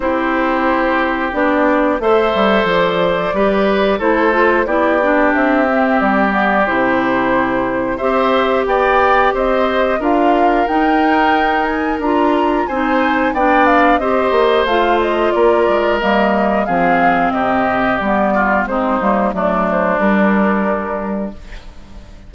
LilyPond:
<<
  \new Staff \with { instrumentName = "flute" } { \time 4/4 \tempo 4 = 90 c''2 d''4 e''4 | d''2 c''4 d''4 | e''4 d''4 c''2 | e''4 g''4 dis''4 f''4 |
g''4. gis''8 ais''4 gis''4 | g''8 f''8 dis''4 f''8 dis''8 d''4 | dis''4 f''4 dis''4 d''4 | c''4 d''8 c''8 ais'2 | }
  \new Staff \with { instrumentName = "oboe" } { \time 4/4 g'2. c''4~ | c''4 b'4 a'4 g'4~ | g'1 | c''4 d''4 c''4 ais'4~ |
ais'2. c''4 | d''4 c''2 ais'4~ | ais'4 gis'4 g'4. f'8 | dis'4 d'2. | }
  \new Staff \with { instrumentName = "clarinet" } { \time 4/4 e'2 d'4 a'4~ | a'4 g'4 e'8 f'8 e'8 d'8~ | d'8 c'4 b8 e'2 | g'2. f'4 |
dis'2 f'4 dis'4 | d'4 g'4 f'2 | ais4 c'2 b4 | c'8 ais8 a4 g2 | }
  \new Staff \with { instrumentName = "bassoon" } { \time 4/4 c'2 b4 a8 g8 | f4 g4 a4 b4 | c'4 g4 c2 | c'4 b4 c'4 d'4 |
dis'2 d'4 c'4 | b4 c'8 ais8 a4 ais8 gis8 | g4 f4 c4 g4 | gis8 g8 fis4 g2 | }
>>